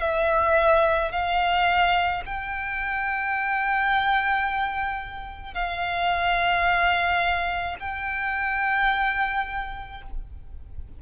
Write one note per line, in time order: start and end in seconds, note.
0.00 1.11 E5
1.11 2.22 F5
2.25 5.54 G5
5.54 7.76 F5
7.79 10.02 G5